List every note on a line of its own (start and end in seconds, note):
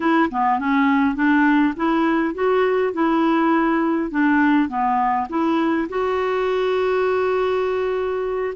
0.00 0.29 E4
0.30 0.59 B3
0.59 1.15 C#4
1.15 1.74 D4
1.76 2.34 E4
2.34 2.93 F#4
2.93 4.10 E4
4.10 4.68 D4
4.68 5.27 B3
5.29 5.88 E4
5.89 8.53 F#4